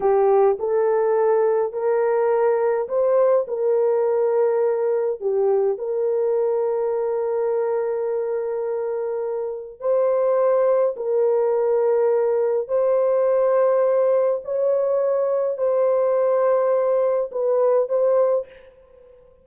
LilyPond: \new Staff \with { instrumentName = "horn" } { \time 4/4 \tempo 4 = 104 g'4 a'2 ais'4~ | ais'4 c''4 ais'2~ | ais'4 g'4 ais'2~ | ais'1~ |
ais'4 c''2 ais'4~ | ais'2 c''2~ | c''4 cis''2 c''4~ | c''2 b'4 c''4 | }